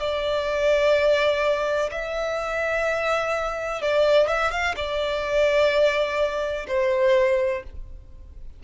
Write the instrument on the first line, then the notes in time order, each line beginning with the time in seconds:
violin
0.00 D5
1.92 E5
3.82 D5
4.28 E5
4.51 F5
4.76 D5
6.68 C5